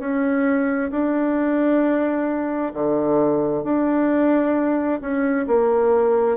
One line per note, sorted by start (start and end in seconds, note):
0.00 0.91 C#4
0.91 2.73 D4
2.74 3.64 D3
3.64 5.01 D4
5.01 5.47 C#4
5.47 6.38 A#3